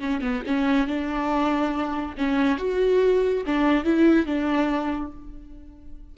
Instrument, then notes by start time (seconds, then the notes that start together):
viola
0.00 C#4
0.21 B3
0.46 C#4
0.87 D4
2.17 C#4
2.58 F#4
3.46 D4
3.84 E4
4.26 D4